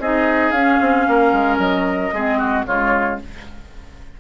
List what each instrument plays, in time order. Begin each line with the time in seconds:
0.00 bassoon C4, clarinet D#4, oboe G#4, flute D#5
0.52 bassoon C#4, clarinet C#4, flute F5
0.81 bassoon C4
1.08 bassoon A#3, oboe A#4
1.33 bassoon G#3
1.58 bassoon F#3, flute D#5
2.13 bassoon G#3, clarinet C4, oboe G#4
2.39 oboe F#4
2.66 bassoon C#3, clarinet G#3, oboe F4, flute C#5